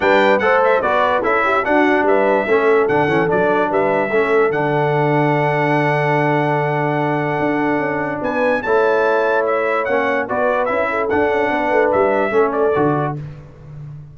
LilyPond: <<
  \new Staff \with { instrumentName = "trumpet" } { \time 4/4 \tempo 4 = 146 g''4 fis''8 e''8 d''4 e''4 | fis''4 e''2 fis''4 | d''4 e''2 fis''4~ | fis''1~ |
fis''1 | gis''4 a''2 e''4 | fis''4 d''4 e''4 fis''4~ | fis''4 e''4. d''4. | }
  \new Staff \with { instrumentName = "horn" } { \time 4/4 b'4 c''4 b'4 a'8 g'8 | fis'4 b'4 a'2~ | a'4 b'4 a'2~ | a'1~ |
a'1 | b'4 cis''2.~ | cis''4 b'4. a'4. | b'2 a'2 | }
  \new Staff \with { instrumentName = "trombone" } { \time 4/4 d'4 a'4 fis'4 e'4 | d'2 cis'4 d'8 cis'8 | d'2 cis'4 d'4~ | d'1~ |
d'1~ | d'4 e'2. | cis'4 fis'4 e'4 d'4~ | d'2 cis'4 fis'4 | }
  \new Staff \with { instrumentName = "tuba" } { \time 4/4 g4 a4 b4 cis'4 | d'4 g4 a4 d8 e8 | fis4 g4 a4 d4~ | d1~ |
d2 d'4 cis'4 | b4 a2. | ais4 b4 cis'4 d'8 cis'8 | b8 a8 g4 a4 d4 | }
>>